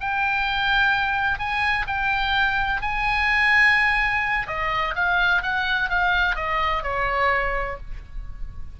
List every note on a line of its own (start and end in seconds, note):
0.00 1.39 G5
1.39 1.86 G#5
1.87 2.81 G5
2.81 4.47 G#5
4.47 4.94 D#5
4.95 5.42 F5
5.42 5.89 F#5
5.89 6.35 F5
6.35 6.82 D#5
6.82 7.77 C#5